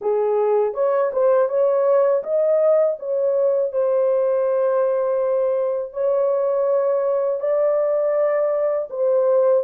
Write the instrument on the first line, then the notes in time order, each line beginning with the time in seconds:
horn
0.01 G#4
0.74 C#5
1.12 C5
1.48 C#5
2.23 D#5
2.99 C#5
3.72 C5
5.93 C#5
7.40 D5
8.90 C5